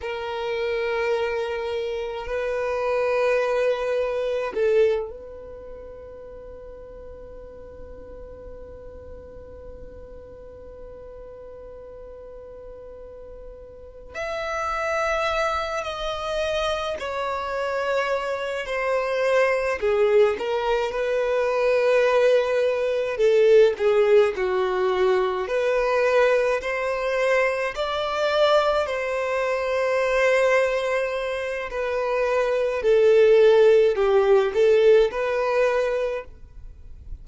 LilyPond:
\new Staff \with { instrumentName = "violin" } { \time 4/4 \tempo 4 = 53 ais'2 b'2 | a'8 b'2.~ b'8~ | b'1~ | b'8 e''4. dis''4 cis''4~ |
cis''8 c''4 gis'8 ais'8 b'4.~ | b'8 a'8 gis'8 fis'4 b'4 c''8~ | c''8 d''4 c''2~ c''8 | b'4 a'4 g'8 a'8 b'4 | }